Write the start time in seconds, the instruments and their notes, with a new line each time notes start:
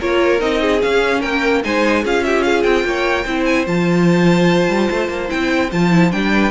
0.00 cello A#3, viola F4, violin A#4 C#5
0.39 cello C4, viola D#4, violin D#5
0.61 violin G#4
0.82 viola C#4, cello C#4, violin F5
1.20 cello A#3, violin A#4 G5
1.63 cello G#3, viola D#4, violin C5 G#5
2.03 cello C#4, viola F4, violin G#4 F5
2.24 violin G4 E5
2.43 violin G#4 F5
2.63 cello C4, violin G5
2.84 cello A#3, violin C#5
3.24 cello C4, viola E4, violin C5
3.45 violin G#5
3.66 cello F3, viola F4, violin A5
4.68 cello G3
4.91 cello A3
5.09 cello A#3
5.28 cello C4, viola E4, violin G5
5.72 cello F3, viola F4, violin A5
5.91 viola E4
6.11 cello G3, viola D4, violin G5
6.33 violin B4